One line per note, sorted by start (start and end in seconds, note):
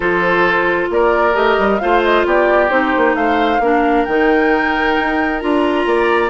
0.00 0.89 F3
0.00 1.34 F4
0.00 0.89 A4
0.00 0.88 C5
0.89 1.34 A#3
0.89 1.81 A#4
0.89 1.35 D5
1.34 1.57 A3
1.34 1.79 G4
1.34 1.79 D#5
1.58 1.80 G3
1.79 2.25 A3
1.79 2.69 F4
1.79 2.26 C5
1.79 2.01 F5
2.03 2.25 D#5
2.25 2.70 B3
2.25 3.16 G4
2.25 2.70 D5
2.69 2.93 C4
2.69 3.59 D#4
2.69 3.15 C5
2.96 3.14 A#3
3.14 3.59 A3
3.14 3.61 C5
3.14 4.04 F5
3.59 4.04 A#3
3.59 4.07 D4
3.59 5.87 A#4
4.04 4.97 D#3
4.04 5.40 D#4
4.04 5.39 G5
5.00 5.42 D#4
5.39 5.86 D4
5.39 6.29 F4
5.39 6.29 A#5
5.86 6.29 A#3
5.86 6.29 D5